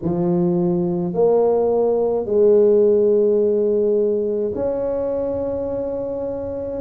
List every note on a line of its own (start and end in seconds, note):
0.02 1.13 F3
1.13 2.25 A#3
2.25 4.52 G#3
4.54 6.81 C#4